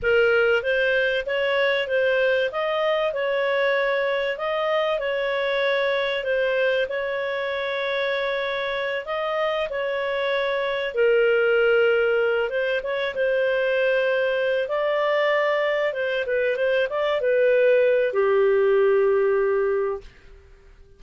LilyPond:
\new Staff \with { instrumentName = "clarinet" } { \time 4/4 \tempo 4 = 96 ais'4 c''4 cis''4 c''4 | dis''4 cis''2 dis''4 | cis''2 c''4 cis''4~ | cis''2~ cis''8 dis''4 cis''8~ |
cis''4. ais'2~ ais'8 | c''8 cis''8 c''2~ c''8 d''8~ | d''4. c''8 b'8 c''8 d''8 b'8~ | b'4 g'2. | }